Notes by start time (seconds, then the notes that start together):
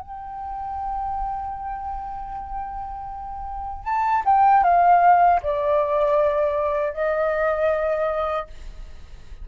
0.00 G5
3.84 A5
4.25 G5
4.63 F5
5.43 D5
6.93 D#5